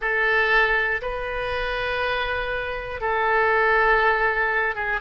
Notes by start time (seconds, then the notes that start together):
0.01 A4
1.01 B4
3.00 A4
4.75 G#4